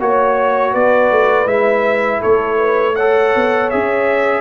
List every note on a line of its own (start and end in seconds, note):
0.00 0.74 A#3
0.00 1.46 F#4
0.00 0.72 C#5
0.00 0.74 C#5
0.72 1.11 B3
0.72 2.20 B4
0.72 1.48 D5
1.11 1.46 A3
1.46 2.20 G#3
1.46 2.94 E4
1.46 2.22 E5
2.20 3.35 A3
2.20 2.57 A4
2.20 2.96 C#5
2.57 2.94 B4
2.95 3.71 A4
2.95 4.41 C#5
2.95 3.70 F#5
3.35 3.73 B3
3.70 4.41 C#4
3.70 4.41 G#4
3.70 4.41 E5